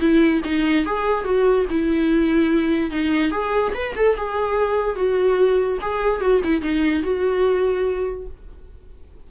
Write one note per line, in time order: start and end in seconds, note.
0.00 0.41 E4
0.45 0.86 D#4
0.86 1.25 G#4
1.25 1.66 F#4
1.70 2.91 E4
2.91 3.32 D#4
3.32 3.73 G#4
3.74 3.95 B4
3.96 4.17 A4
4.17 4.96 G#4
4.96 5.79 F#4
5.82 6.21 G#4
6.21 6.42 F#4
6.44 6.62 E4
6.62 7.03 D#4
7.03 8.27 F#4